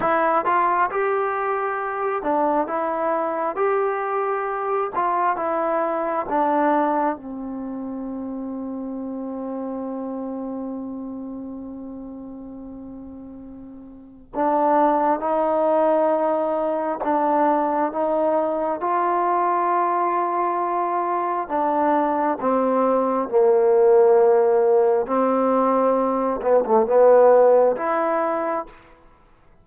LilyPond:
\new Staff \with { instrumentName = "trombone" } { \time 4/4 \tempo 4 = 67 e'8 f'8 g'4. d'8 e'4 | g'4. f'8 e'4 d'4 | c'1~ | c'1 |
d'4 dis'2 d'4 | dis'4 f'2. | d'4 c'4 ais2 | c'4. b16 a16 b4 e'4 | }